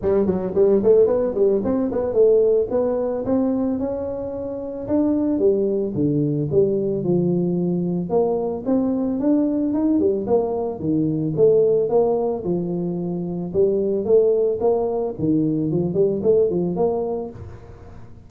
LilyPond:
\new Staff \with { instrumentName = "tuba" } { \time 4/4 \tempo 4 = 111 g8 fis8 g8 a8 b8 g8 c'8 b8 | a4 b4 c'4 cis'4~ | cis'4 d'4 g4 d4 | g4 f2 ais4 |
c'4 d'4 dis'8 g8 ais4 | dis4 a4 ais4 f4~ | f4 g4 a4 ais4 | dis4 f8 g8 a8 f8 ais4 | }